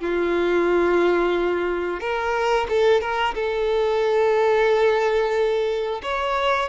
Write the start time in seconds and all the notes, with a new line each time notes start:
0.00 F4
2.00 A#4
2.69 A4
3.01 A#4
3.35 A4
6.02 C#5